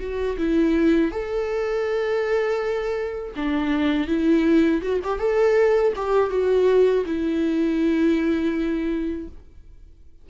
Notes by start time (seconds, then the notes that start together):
0.00 F#4
0.38 E4
1.11 A4
3.36 D4
4.07 E4
4.82 F#4
5.04 G4
5.19 A4
5.96 G4
6.31 F#4
7.06 E4